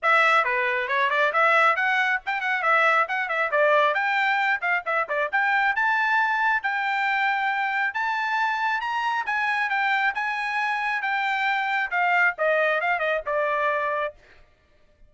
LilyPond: \new Staff \with { instrumentName = "trumpet" } { \time 4/4 \tempo 4 = 136 e''4 b'4 cis''8 d''8 e''4 | fis''4 g''8 fis''8 e''4 fis''8 e''8 | d''4 g''4. f''8 e''8 d''8 | g''4 a''2 g''4~ |
g''2 a''2 | ais''4 gis''4 g''4 gis''4~ | gis''4 g''2 f''4 | dis''4 f''8 dis''8 d''2 | }